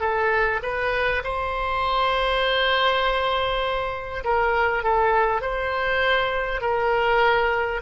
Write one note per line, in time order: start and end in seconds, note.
0.00 0.60 A4
0.62 1.22 B4
1.23 4.23 C5
4.24 4.83 A#4
4.83 5.41 A4
5.41 6.61 C5
6.61 7.81 A#4